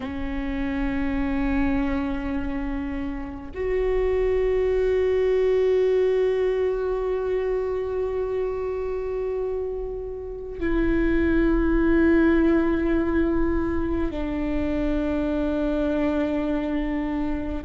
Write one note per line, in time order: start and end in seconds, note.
0.00 3.51 C#4
3.54 10.59 F#4
10.59 14.11 E4
14.11 17.64 D4